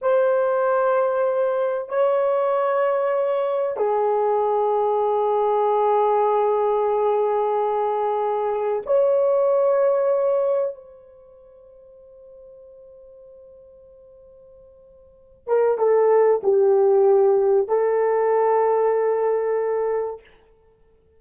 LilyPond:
\new Staff \with { instrumentName = "horn" } { \time 4/4 \tempo 4 = 95 c''2. cis''4~ | cis''2 gis'2~ | gis'1~ | gis'2 cis''2~ |
cis''4 c''2.~ | c''1~ | c''8 ais'8 a'4 g'2 | a'1 | }